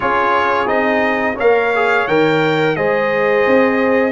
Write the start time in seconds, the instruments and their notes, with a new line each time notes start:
0.00 tuba C#4, trombone F4, horn G#4, trumpet C#5
0.66 tuba C4, trombone D#4, trumpet D#5
1.34 tuba A#3, trombone A#4, horn C#5, trumpet F5
1.75 trombone G#4
2.07 tuba D#3, trombone A#4, trumpet G5
2.75 tuba G#3, trombone G#4, horn C5, trumpet D#5
3.46 tuba C4